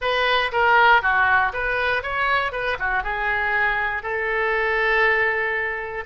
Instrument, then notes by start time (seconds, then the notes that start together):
oboe
0.01 B4
0.52 A#4
1.02 F#4
1.53 B4
2.02 C#5
2.51 B4
2.79 F#4
3.03 G#4
4.02 A4